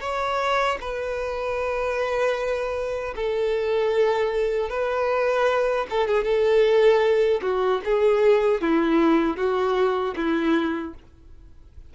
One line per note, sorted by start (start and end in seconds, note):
0.00 0.78 C#5
0.81 3.15 B4
3.15 4.69 A4
4.69 5.86 B4
5.90 6.07 A4
6.07 6.24 G#4
6.24 7.41 A4
7.42 7.81 F#4
7.85 8.61 G#4
8.61 9.36 E4
9.36 10.14 F#4
10.16 10.94 E4